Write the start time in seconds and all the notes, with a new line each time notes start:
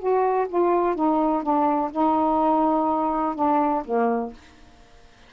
0.00 F#4
0.49 F4
0.96 D#4
1.43 D4
1.92 D#4
3.36 D4
3.86 A#3